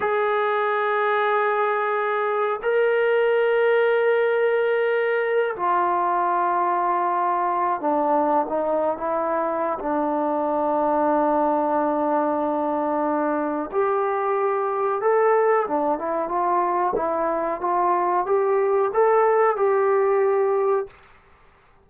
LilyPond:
\new Staff \with { instrumentName = "trombone" } { \time 4/4 \tempo 4 = 92 gis'1 | ais'1~ | ais'8 f'2.~ f'8 | d'4 dis'8. e'4~ e'16 d'4~ |
d'1~ | d'4 g'2 a'4 | d'8 e'8 f'4 e'4 f'4 | g'4 a'4 g'2 | }